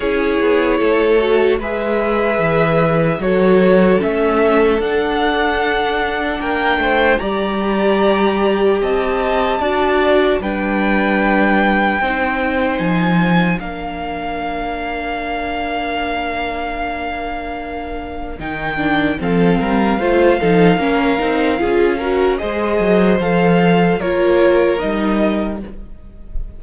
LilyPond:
<<
  \new Staff \with { instrumentName = "violin" } { \time 4/4 \tempo 4 = 75 cis''2 e''2 | cis''4 e''4 fis''2 | g''4 ais''2 a''4~ | a''4 g''2. |
gis''4 f''2.~ | f''2. g''4 | f''1 | dis''4 f''4 cis''4 dis''4 | }
  \new Staff \with { instrumentName = "violin" } { \time 4/4 gis'4 a'4 b'2 | a'1 | ais'8 c''8 d''2 dis''4 | d''4 b'2 c''4~ |
c''4 ais'2.~ | ais'1 | a'8 ais'8 c''8 a'8 ais'4 gis'8 ais'8 | c''2 ais'2 | }
  \new Staff \with { instrumentName = "viola" } { \time 4/4 e'4. fis'8 gis'2 | fis'4 cis'4 d'2~ | d'4 g'2. | fis'4 d'2 dis'4~ |
dis'4 d'2.~ | d'2. dis'8 d'8 | c'4 f'8 dis'8 cis'8 dis'8 f'8 fis'8 | gis'4 a'4 f'4 dis'4 | }
  \new Staff \with { instrumentName = "cello" } { \time 4/4 cis'8 b8 a4 gis4 e4 | fis4 a4 d'2 | ais8 a8 g2 c'4 | d'4 g2 c'4 |
f4 ais2.~ | ais2. dis4 | f8 g8 a8 f8 ais8 c'8 cis'4 | gis8 fis8 f4 ais4 g4 | }
>>